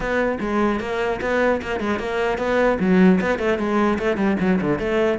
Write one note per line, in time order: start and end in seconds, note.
0.00 0.38 B3
0.40 0.80 G#3
0.80 1.20 A#3
1.21 1.61 B3
1.61 1.80 A#3
1.80 1.99 G#3
1.99 2.38 A#3
2.38 2.78 B3
2.79 3.19 F#3
3.21 3.38 B3
3.38 3.58 A3
3.58 3.98 G#3
3.99 4.16 A3
4.16 4.36 G3
4.39 4.59 F#3
4.61 4.79 D3
4.79 5.19 A3